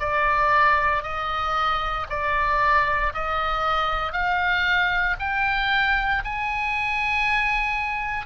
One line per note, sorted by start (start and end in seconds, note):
0.00 1.03 D5
1.03 2.06 D#5
2.10 3.13 D5
3.14 4.13 D#5
4.13 5.16 F5
5.20 6.23 G5
6.25 8.26 G#5